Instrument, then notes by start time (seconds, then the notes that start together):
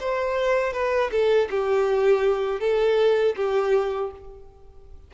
violin
0.00 C5
0.73 B4
1.11 A4
1.50 G4
2.60 A4
3.36 G4